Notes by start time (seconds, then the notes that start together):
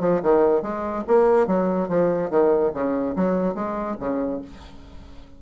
0.00 F3
0.22 D#3
0.62 G#3
1.07 A#3
1.47 F#3
1.88 F3
2.30 D#3
2.73 C#3
3.16 F#3
3.54 G#3
3.99 C#3